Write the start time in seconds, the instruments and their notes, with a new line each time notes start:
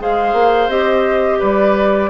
0.00 bassoon G#3, clarinet G#4, oboe C5, flute F5
0.33 bassoon A#3
0.68 bassoon C4, clarinet G4, flute D#5
1.39 bassoon G3, oboe B4, flute D5